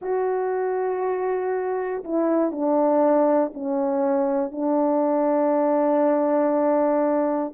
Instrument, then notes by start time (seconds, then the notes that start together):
horn
0.01 F#4
2.04 E4
2.51 D4
3.54 C#4
4.51 D4